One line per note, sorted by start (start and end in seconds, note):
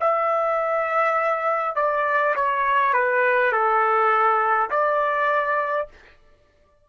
0.00 1.75 E5
1.75 2.34 D5
2.35 2.93 C#5
2.93 3.52 B4
3.52 4.70 A4
4.70 5.88 D5